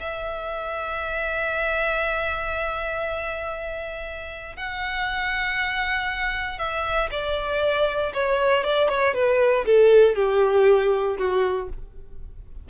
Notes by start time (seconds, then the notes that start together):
0.00 E5
4.56 F#5
6.59 E5
7.11 D5
8.14 C#5
8.64 D5
8.89 C#5
9.14 B4
9.66 A4
10.16 G4
11.18 F#4